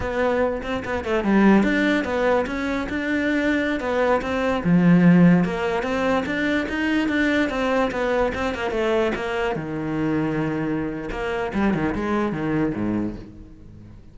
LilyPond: \new Staff \with { instrumentName = "cello" } { \time 4/4 \tempo 4 = 146 b4. c'8 b8 a8 g4 | d'4 b4 cis'4 d'4~ | d'4~ d'16 b4 c'4 f8.~ | f4~ f16 ais4 c'4 d'8.~ |
d'16 dis'4 d'4 c'4 b8.~ | b16 c'8 ais8 a4 ais4 dis8.~ | dis2. ais4 | g8 dis8 gis4 dis4 gis,4 | }